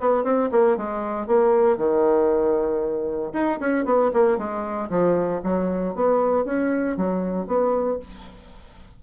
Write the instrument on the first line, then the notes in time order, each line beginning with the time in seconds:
bassoon
0.00 B3
0.24 C4
0.51 A#3
0.77 G#3
1.27 A#3
1.77 D#3
3.33 D#4
3.60 C#4
3.85 B3
4.13 A#3
4.37 G#3
4.89 F3
5.43 F#3
5.95 B3
6.45 C#4
6.97 F#3
7.47 B3